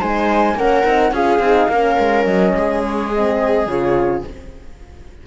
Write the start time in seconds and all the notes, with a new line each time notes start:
0.00 G#3 D#4 C5 G#5
0.55 A#3 C#4 A#4 F#5
0.84 C4 D#4
1.12 C#4 F4 G#4 F5
1.39 C4 D#4
1.69 A#3 C#4 A#4
1.99 G#3
2.25 F#3 D#5
2.55 G#3 G#4
2.85 C#5
3.14 C4 D#5
3.67 C#3 F4 C#5